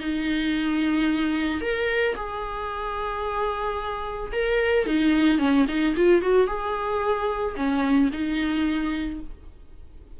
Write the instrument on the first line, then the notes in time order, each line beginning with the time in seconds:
viola
0.00 D#4
1.61 A#4
2.15 G#4
4.32 A#4
4.86 D#4
5.38 C#4
5.68 D#4
5.96 F4
6.21 F#4
6.47 G#4
7.56 C#4
8.12 D#4